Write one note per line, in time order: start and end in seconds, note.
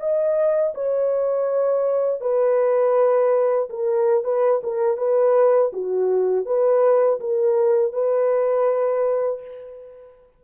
0.00 0.74 D#5
0.74 2.21 C#5
2.21 3.69 B4
3.70 4.25 A#4
4.25 4.62 B4
4.64 4.98 A#4
4.98 5.72 B4
5.73 6.46 F#4
6.46 7.20 B4
7.21 7.93 A#4
7.93 9.41 B4